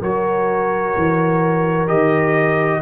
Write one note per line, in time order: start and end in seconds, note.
0.00 0.94 F#3
0.00 1.88 F#4
0.00 2.81 A#4
0.00 1.88 C#5
0.97 1.90 E3
1.88 2.82 D#3
1.88 2.81 G4
1.88 2.82 D#5